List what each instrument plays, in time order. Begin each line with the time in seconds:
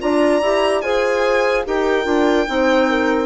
0.00 bassoon D4, clarinet F4, horn D5, violin A#5
0.42 bassoon E4, clarinet G4
0.81 bassoon F4, clarinet G#4, horn C5, violin G#5
1.65 bassoon D#4, clarinet G4, horn A#4, violin G5
2.04 bassoon D4, clarinet F4
2.47 bassoon C4, clarinet D#4, horn C5
2.90 horn A#4